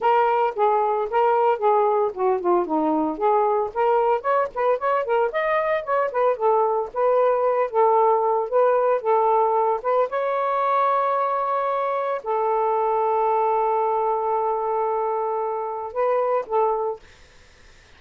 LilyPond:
\new Staff \with { instrumentName = "saxophone" } { \time 4/4 \tempo 4 = 113 ais'4 gis'4 ais'4 gis'4 | fis'8 f'8 dis'4 gis'4 ais'4 | cis''8 b'8 cis''8 ais'8 dis''4 cis''8 b'8 | a'4 b'4. a'4. |
b'4 a'4. b'8 cis''4~ | cis''2. a'4~ | a'1~ | a'2 b'4 a'4 | }